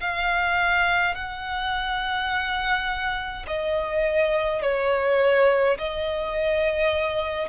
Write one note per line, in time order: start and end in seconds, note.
0.00 1.14 F5
1.14 3.45 F#5
3.47 4.62 D#5
4.62 5.77 C#5
5.77 7.48 D#5